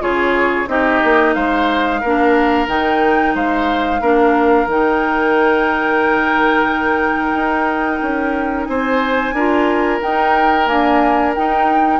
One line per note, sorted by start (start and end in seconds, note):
0.00 0.67 C#3
0.00 0.67 F4
0.00 0.69 G#4
0.00 0.69 C#5
0.67 1.01 C4
0.67 2.02 D#4
0.67 1.35 G4
0.67 1.34 D#5
1.04 1.36 A#3
1.34 2.03 G#3
1.34 2.01 C5
1.34 2.67 F5
2.01 2.68 A#3
2.01 2.68 D4
2.01 3.34 A#4
2.68 3.35 D#3
2.68 4.02 D#4
2.68 3.36 G5
3.35 4.01 G#3
3.35 4.01 C5
3.35 4.70 F5
4.01 4.67 A#3
4.01 4.69 D4
4.01 8.68 A#4
4.67 7.33 D#3
4.67 9.37 D#4
4.67 8.66 G5
7.33 8.00 D#4
8.02 8.68 C#4
8.66 9.33 C4
8.66 9.35 C5
8.66 9.99 G#5
9.33 9.99 D4
9.33 10.01 F4
9.33 12.00 A#4
10.01 10.66 D#4
10.01 10.70 D#4
10.01 10.67 G5
10.66 11.32 A#3
10.66 11.37 D4
10.66 11.34 G#5
11.35 12.00 D#4
11.35 12.00 G5